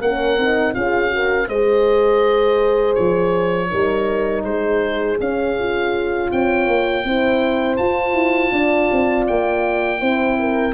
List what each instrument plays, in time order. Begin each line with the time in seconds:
0.00 tuba A#3, horn C#4 A#4, oboe F#5
0.37 tuba C4, horn D#4
0.74 tuba C#4, horn F4 G#4, oboe F5
1.08 horn F#4
1.15 horn A#4
1.48 tuba G#3, horn G#4 C5, oboe D#5
2.94 tuba F3, oboe C#5
3.69 tuba G3, horn D#4 A#4
4.43 tuba G#3, horn G#4, oboe C5
5.19 horn C#4, tuba C#4, oboe F5
5.58 horn F4
6.31 tuba C4, horn C#5, oboe G5
6.67 tuba A#3
7.04 tuba C4, horn E4 C5
7.76 horn F4, tuba F4, oboe A5
8.13 tuba E4
8.52 tuba D4, horn D5
8.91 tuba C4
9.27 tuba A#3, oboe G5
9.99 tuba C4, horn E4 C5
10.39 horn A#4